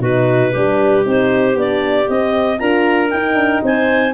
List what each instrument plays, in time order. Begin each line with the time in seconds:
0.00 tuba B2, horn D#4, clarinet F#4 B4
0.52 tuba G3, horn D4, clarinet G4
1.04 tuba C4, horn D#4, clarinet C5
1.55 tuba B3, horn D4, clarinet D5
2.09 tuba C4, horn C4, clarinet D#5
2.59 tuba D4, horn F4, clarinet A#4 A#5
3.10 horn D#4, tuba D#4, clarinet G5
3.35 tuba D4
3.64 tuba C4, clarinet C5 G#5